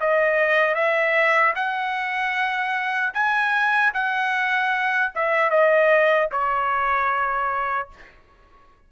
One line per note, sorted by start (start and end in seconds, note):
0.00 0.74 D#5
0.74 1.53 E5
1.55 3.13 F#5
3.14 3.93 G#5
3.94 5.12 F#5
5.15 5.50 E5
5.50 6.29 D#5
6.31 7.89 C#5